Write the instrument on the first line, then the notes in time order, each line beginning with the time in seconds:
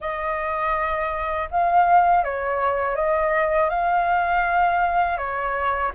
flute
0.00 D#5
1.51 F5
2.24 C#5
2.95 D#5
3.69 F5
5.17 C#5